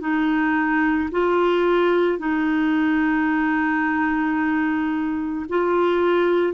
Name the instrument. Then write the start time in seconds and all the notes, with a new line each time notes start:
clarinet
0.00 D#4
1.12 F4
2.19 D#4
5.49 F4